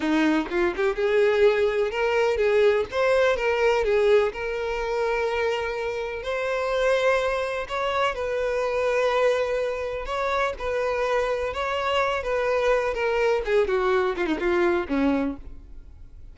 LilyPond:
\new Staff \with { instrumentName = "violin" } { \time 4/4 \tempo 4 = 125 dis'4 f'8 g'8 gis'2 | ais'4 gis'4 c''4 ais'4 | gis'4 ais'2.~ | ais'4 c''2. |
cis''4 b'2.~ | b'4 cis''4 b'2 | cis''4. b'4. ais'4 | gis'8 fis'4 f'16 dis'16 f'4 cis'4 | }